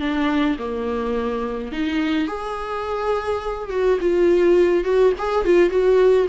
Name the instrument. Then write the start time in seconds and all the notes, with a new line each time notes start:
viola
0.00 D4
0.59 A#3
1.72 D#4
2.28 G#4
3.70 F#4
4.01 F4
4.84 F#4
5.18 G#4
5.45 F4
5.70 F#4